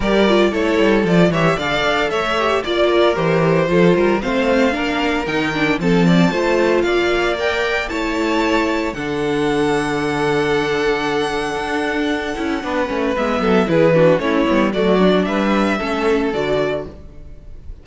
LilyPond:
<<
  \new Staff \with { instrumentName = "violin" } { \time 4/4 \tempo 4 = 114 d''4 cis''4 d''8 e''8 f''4 | e''4 d''4 c''2 | f''2 g''4 a''4~ | a''4 f''4 g''4 a''4~ |
a''4 fis''2.~ | fis''1~ | fis''4 e''4 b'4 cis''4 | d''4 e''2 d''4 | }
  \new Staff \with { instrumentName = "violin" } { \time 4/4 ais'4 a'4. cis''8 d''4 | cis''4 d''8 ais'4. a'8 ais'8 | c''4 ais'2 a'8 d''8 | c''4 d''2 cis''4~ |
cis''4 a'2.~ | a'1 | b'4. a'8 gis'8 fis'8 e'4 | fis'4 b'4 a'2 | }
  \new Staff \with { instrumentName = "viola" } { \time 4/4 g'8 f'8 e'4 f'8 g'8 a'4~ | a'8 g'8 f'4 g'4 f'4 | c'4 d'4 dis'8 d'8 c'4 | f'2 ais'4 e'4~ |
e'4 d'2.~ | d'2.~ d'8 e'8 | d'8 cis'8 b4 e'8 d'8 cis'8 b8 | a8 d'4. cis'4 fis'4 | }
  \new Staff \with { instrumentName = "cello" } { \time 4/4 g4 a8 g8 f8 e8 d8 d'8 | a4 ais4 e4 f8 g8 | a4 ais4 dis4 f4 | a4 ais2 a4~ |
a4 d2.~ | d2 d'4. cis'8 | b8 a8 gis8 fis8 e4 a8 g8 | fis4 g4 a4 d4 | }
>>